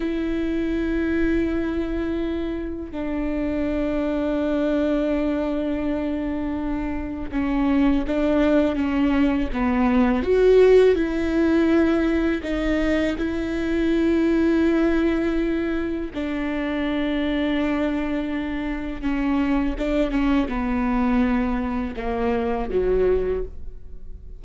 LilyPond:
\new Staff \with { instrumentName = "viola" } { \time 4/4 \tempo 4 = 82 e'1 | d'1~ | d'2 cis'4 d'4 | cis'4 b4 fis'4 e'4~ |
e'4 dis'4 e'2~ | e'2 d'2~ | d'2 cis'4 d'8 cis'8 | b2 ais4 fis4 | }